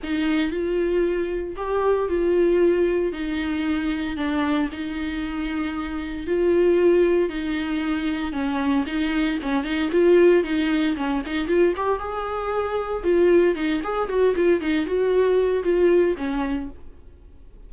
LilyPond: \new Staff \with { instrumentName = "viola" } { \time 4/4 \tempo 4 = 115 dis'4 f'2 g'4 | f'2 dis'2 | d'4 dis'2. | f'2 dis'2 |
cis'4 dis'4 cis'8 dis'8 f'4 | dis'4 cis'8 dis'8 f'8 g'8 gis'4~ | gis'4 f'4 dis'8 gis'8 fis'8 f'8 | dis'8 fis'4. f'4 cis'4 | }